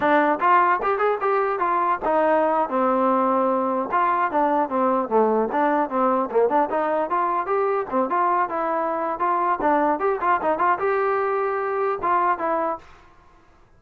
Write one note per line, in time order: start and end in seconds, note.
0.00 0.39 D4
0.40 0.80 F4
0.82 0.98 G4
0.98 1.18 G#4
1.21 1.59 G4
1.59 1.99 F4
2.05 2.69 D#4
2.69 3.89 C4
3.91 4.31 F4
4.31 4.69 D4
4.69 5.09 C4
5.09 5.49 A3
5.51 5.89 D4
5.89 6.29 C4
6.30 6.49 A#3
6.49 6.69 D4
6.70 7.09 D#4
7.09 7.46 F4
7.46 7.86 G4
7.90 8.09 C4
8.09 8.49 F4
8.49 9.19 E4
9.19 9.59 F4
9.61 9.99 D4
9.99 10.19 G4
10.20 10.40 F4
10.41 10.58 D#4
10.58 10.78 F4
10.79 11.99 G4
12.01 12.38 F4
12.38 12.78 E4